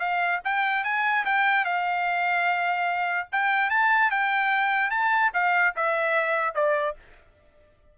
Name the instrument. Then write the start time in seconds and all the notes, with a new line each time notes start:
trumpet
0.00 F5
0.45 G5
0.84 G#5
1.26 G5
1.65 F5
3.33 G5
3.70 A5
4.11 G5
4.91 A5
5.34 F5
5.77 E5
6.55 D5